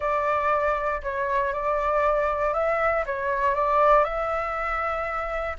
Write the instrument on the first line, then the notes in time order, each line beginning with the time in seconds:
flute
0.00 D5
1.02 C#5
1.53 D5
2.53 E5
3.06 C#5
3.55 D5
4.04 E5